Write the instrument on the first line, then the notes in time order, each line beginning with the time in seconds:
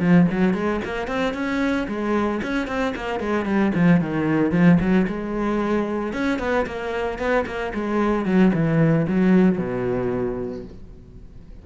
cello
0.00 F3
0.31 F#3
0.54 G#3
0.84 A#3
1.07 C4
1.34 C#4
1.88 G#3
2.43 C#4
2.67 C4
2.96 A#3
3.20 G#3
3.45 G3
3.75 F3
4.01 D#3
4.52 F3
4.80 F#3
5.07 G#3
6.13 C#4
6.39 B3
6.66 A#3
7.19 B3
7.46 A#3
7.74 G#3
8.25 F#3
8.54 E3
9.07 F#3
9.58 B2